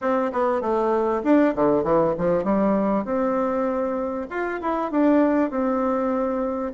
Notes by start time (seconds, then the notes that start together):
0.01 C4
0.32 B3
0.61 A3
1.23 D4
1.55 D3
1.83 E3
2.18 F3
2.44 G3
3.04 C4
4.29 F4
4.61 E4
4.91 D4
5.50 C4